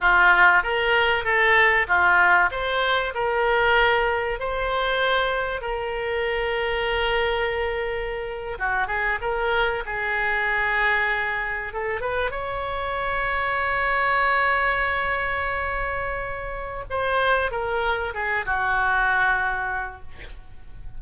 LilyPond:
\new Staff \with { instrumentName = "oboe" } { \time 4/4 \tempo 4 = 96 f'4 ais'4 a'4 f'4 | c''4 ais'2 c''4~ | c''4 ais'2.~ | ais'4.~ ais'16 fis'8 gis'8 ais'4 gis'16~ |
gis'2~ gis'8. a'8 b'8 cis''16~ | cis''1~ | cis''2. c''4 | ais'4 gis'8 fis'2~ fis'8 | }